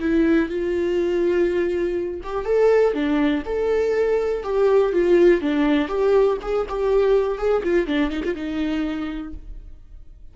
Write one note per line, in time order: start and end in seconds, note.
0.00 0.49 E4
0.49 2.21 F4
2.23 2.45 G4
2.45 2.94 A4
2.94 3.43 D4
3.46 4.44 A4
4.44 4.93 G4
4.93 5.41 F4
5.41 5.89 D4
5.89 6.38 G4
6.42 6.67 G#4
6.69 7.38 G4
7.38 7.63 G#4
7.64 7.87 F4
7.87 8.11 D4
8.11 8.23 D#4
8.24 8.35 F4
8.35 9.34 D#4